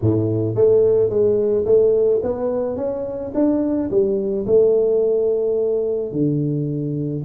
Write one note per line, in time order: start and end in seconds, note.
0.01 0.55 A2
0.55 1.09 A3
1.09 1.65 G#3
1.65 2.20 A3
2.22 2.76 B3
2.76 3.32 C#4
3.34 3.90 D4
3.90 4.46 G3
4.46 6.12 A3
6.12 7.23 D3